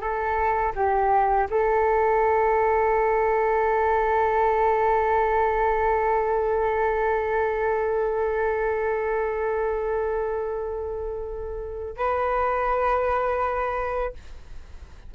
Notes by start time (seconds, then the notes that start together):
0.00 A4
0.75 G4
1.50 A4
11.96 B4